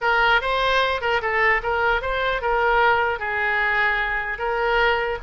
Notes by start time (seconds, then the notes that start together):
0.01 A#4
0.41 C5
1.01 A#4
1.21 A4
1.63 A#4
2.01 C5
2.41 A#4
3.19 G#4
4.38 A#4